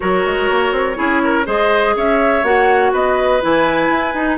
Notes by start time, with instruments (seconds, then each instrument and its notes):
0.00 bassoon F#3, clarinet F#4, oboe A#4, flute C#5
0.25 bassoon G#3
0.49 bassoon A#3
0.72 bassoon C4
0.95 bassoon C#4, clarinet E4, oboe G#4
1.24 oboe A#4
1.45 bassoon G#3, clarinet G#4, oboe C5, flute D#5
1.96 bassoon C#4, oboe C#5, flute E5
2.43 bassoon A#3, clarinet F#4, flute F#5
2.92 bassoon B3, oboe B4, flute D#5
3.41 bassoon E3, clarinet E4, flute G#5
3.89 bassoon E4
4.14 bassoon D#4, clarinet D#4